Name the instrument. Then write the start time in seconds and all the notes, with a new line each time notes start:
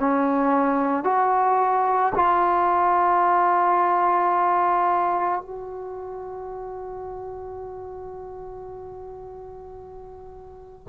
trombone
0.00 C#4
1.04 F#4
2.16 F4
5.42 F#4